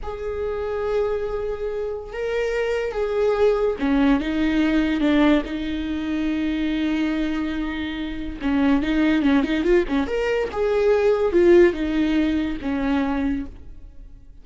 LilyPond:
\new Staff \with { instrumentName = "viola" } { \time 4/4 \tempo 4 = 143 gis'1~ | gis'4 ais'2 gis'4~ | gis'4 cis'4 dis'2 | d'4 dis'2.~ |
dis'1 | cis'4 dis'4 cis'8 dis'8 f'8 cis'8 | ais'4 gis'2 f'4 | dis'2 cis'2 | }